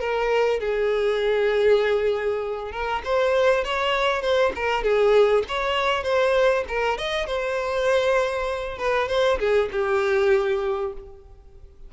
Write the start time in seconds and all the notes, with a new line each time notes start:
0.00 A#4
0.60 G#4
2.72 A#4
3.05 C5
3.64 C#5
4.22 C5
4.56 A#4
4.83 G#4
5.48 C#5
6.04 C5
6.68 A#4
6.98 D#5
7.27 C5
8.78 B4
9.09 C5
9.39 G#4
9.72 G4